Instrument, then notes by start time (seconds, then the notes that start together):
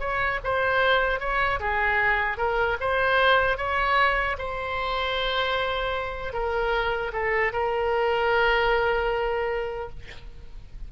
oboe
0.00 C#5
0.44 C5
1.20 C#5
1.60 G#4
2.38 A#4
2.80 C5
3.57 C#5
4.39 C5
6.33 A#4
7.13 A4
7.53 A#4